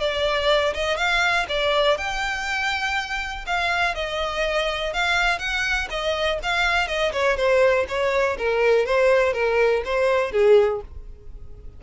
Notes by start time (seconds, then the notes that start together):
0.00 D5
0.74 D#5
0.97 F5
1.49 D5
1.98 G5
3.46 F5
3.95 D#5
4.93 F5
5.39 F#5
5.90 D#5
6.43 F5
6.87 D#5
7.12 C#5
7.37 C5
7.88 C#5
8.38 A#4
8.86 C5
9.33 A#4
9.85 C5
10.32 G#4